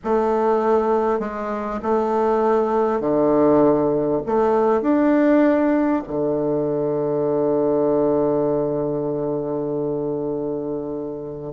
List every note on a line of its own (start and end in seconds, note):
0.03 1.19 A3
1.19 1.80 G#3
1.82 3.00 A3
3.00 4.21 D3
4.26 4.81 A3
4.81 6.02 D4
6.07 11.53 D3